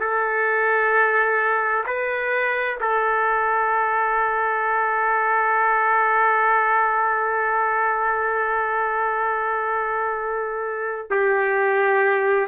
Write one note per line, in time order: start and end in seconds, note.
0.00 1.85 A4
1.86 2.79 B4
2.80 11.10 A4
11.10 12.47 G4